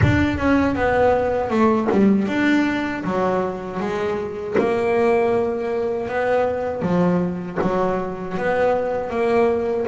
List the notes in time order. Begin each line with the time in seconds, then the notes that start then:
0.02 D4
0.38 C#4
0.75 B3
1.49 A3
1.91 G3
2.27 D4
3.03 F#3
3.80 G#3
4.58 A#3
6.08 B3
6.81 F3
7.62 F#3
8.37 B3
9.10 A#3